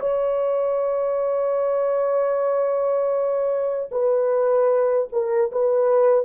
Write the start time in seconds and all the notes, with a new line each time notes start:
0.00 C#5
3.91 B4
5.12 A#4
5.52 B4